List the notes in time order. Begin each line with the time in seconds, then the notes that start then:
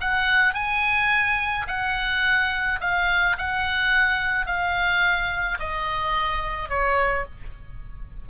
0.00 F#5
0.54 G#5
1.67 F#5
2.80 F5
3.37 F#5
4.46 F5
5.59 D#5
6.69 C#5